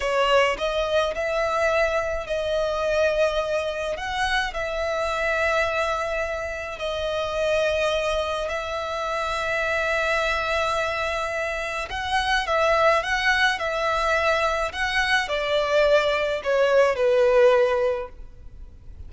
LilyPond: \new Staff \with { instrumentName = "violin" } { \time 4/4 \tempo 4 = 106 cis''4 dis''4 e''2 | dis''2. fis''4 | e''1 | dis''2. e''4~ |
e''1~ | e''4 fis''4 e''4 fis''4 | e''2 fis''4 d''4~ | d''4 cis''4 b'2 | }